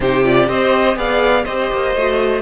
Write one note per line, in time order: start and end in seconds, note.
0.00 0.47 C3
0.00 0.23 D#4
0.00 0.48 G4
0.00 0.24 C5
0.23 0.46 F4
0.23 0.49 D5
0.46 0.96 C4
0.46 0.95 G4
0.46 0.97 C5
0.46 0.97 D#5
0.95 1.44 B3
0.95 1.43 G#4
0.95 1.44 D5
0.95 1.44 F5
1.44 1.71 C4
1.44 1.96 G4
1.44 2.41 C5
1.44 2.41 D#5
1.72 1.95 A#3
1.95 2.41 A3
1.95 2.41 F#4